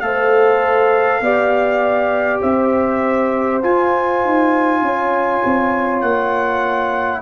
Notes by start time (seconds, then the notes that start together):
0.00 A3 A4 C5 F5
1.21 B3 G4 D5
2.42 C4 C5 E5
3.62 F4 G#5
4.24 D#4
4.82 C#4 C#5
5.45 C4
6.01 A#3 F#5